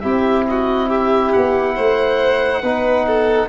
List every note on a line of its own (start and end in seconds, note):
0.00 1.34 C4
0.00 2.62 E4
0.00 0.47 G4
0.00 0.43 E5
0.48 0.89 F#4
0.48 0.89 D#5
0.89 1.75 G4
0.89 1.32 E5
1.32 1.77 B3
1.32 3.49 F#5
1.75 2.62 A3
1.75 2.62 C5
2.62 3.49 B3
2.62 3.49 D#4
2.62 3.05 B4
3.07 3.49 A4